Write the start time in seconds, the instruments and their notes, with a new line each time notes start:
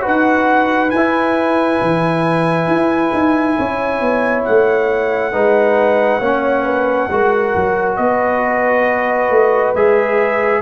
0.00 trombone F#4, horn B4
0.06 tuba D#4, trumpet F#5
0.90 tuba E4, trumpet G#5
0.96 trombone E4
1.82 tuba E3
2.67 tuba E4
3.13 tuba D#4
3.58 tuba C#4, horn C#5
4.01 tuba B3
4.44 tuba A3, trumpet F#5
5.32 tuba G#3, trombone D#4, horn B4
6.19 tuba A#3, trombone C#4, horn C#5
6.64 horn B4
7.10 tuba G#3, trombone F#4, horn A#4
7.56 tuba F#3
7.96 tuba B3, horn B4, trumpet D#5
9.30 tuba A3
9.74 tuba G#3, trombone G#4, trumpet E5